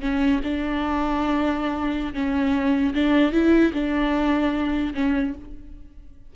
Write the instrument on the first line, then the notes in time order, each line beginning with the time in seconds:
viola
0.00 C#4
0.43 D4
2.14 C#4
2.94 D4
3.32 E4
3.73 D4
4.94 C#4